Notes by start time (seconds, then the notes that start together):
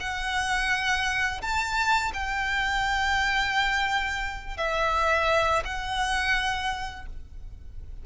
0.00 F#5
1.41 A5
2.13 G5
4.57 E5
5.65 F#5